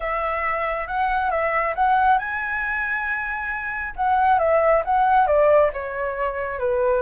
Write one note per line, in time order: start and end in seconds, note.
0.00 0.87 E5
0.87 1.30 F#5
1.30 1.74 E5
1.75 2.18 F#5
2.18 3.93 G#5
3.95 4.38 F#5
4.38 4.82 E5
4.85 5.27 F#5
5.27 5.70 D5
5.73 6.59 C#5
6.59 7.01 B4